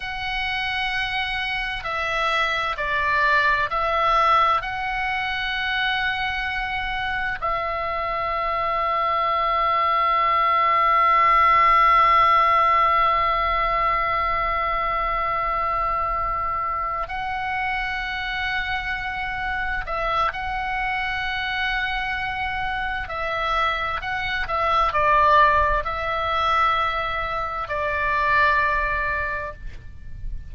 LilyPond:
\new Staff \with { instrumentName = "oboe" } { \time 4/4 \tempo 4 = 65 fis''2 e''4 d''4 | e''4 fis''2. | e''1~ | e''1~ |
e''2~ e''8 fis''4.~ | fis''4. e''8 fis''2~ | fis''4 e''4 fis''8 e''8 d''4 | e''2 d''2 | }